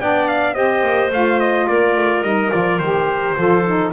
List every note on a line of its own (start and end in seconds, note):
0.00 0.55 B3
0.00 0.53 D4
0.00 0.54 D5
0.00 0.28 G5
0.28 0.54 F5
0.53 0.82 C4
0.53 1.09 G4
0.53 1.66 C5
0.53 1.10 D#5
0.82 1.10 A#3
1.10 1.66 A3
1.10 2.24 F4
1.10 1.40 F5
1.40 1.68 D#5
1.68 1.96 A#3
1.68 3.36 A#4
1.68 2.22 D5
1.96 2.22 A3
2.22 2.50 G3
2.22 2.51 D#4
2.22 2.50 D#5
2.51 2.79 F3
2.51 2.79 F4
2.51 2.78 D5
2.78 3.35 D#3
2.78 3.36 G4
2.78 3.91 C5
3.36 3.92 F3
3.36 3.64 F4
3.36 3.93 A4
3.66 3.93 D#4